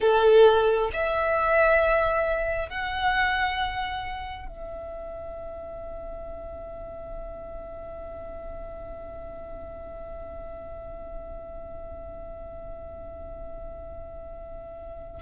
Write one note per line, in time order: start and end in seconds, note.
0.00 0.90 A4
0.93 2.69 E5
2.69 4.48 F#5
4.48 15.21 E5